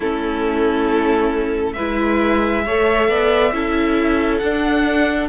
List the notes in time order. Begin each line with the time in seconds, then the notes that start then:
0.00 A3 C#4 E4 A4
1.73 G#3 E4 B4 E5
2.65 A3 A4 C#5
3.08 B3 D5
3.52 C#4 E4 A4
4.38 D4 F#5